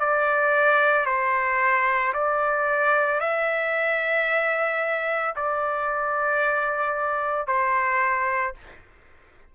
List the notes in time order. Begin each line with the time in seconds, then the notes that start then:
0.00 D5
1.06 C5
2.14 D5
3.20 E5
5.36 D5
7.47 C5